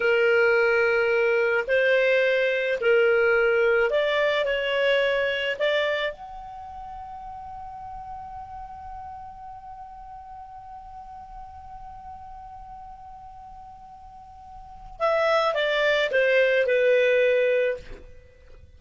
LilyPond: \new Staff \with { instrumentName = "clarinet" } { \time 4/4 \tempo 4 = 108 ais'2. c''4~ | c''4 ais'2 d''4 | cis''2 d''4 fis''4~ | fis''1~ |
fis''1~ | fis''1~ | fis''2. e''4 | d''4 c''4 b'2 | }